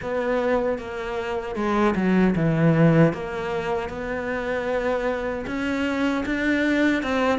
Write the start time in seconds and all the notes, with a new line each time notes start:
0.02 B3
0.78 A#3
1.55 G#3
1.95 F#3
2.35 E3
3.13 A#3
3.89 B3
5.46 C#4
6.26 D4
7.02 C4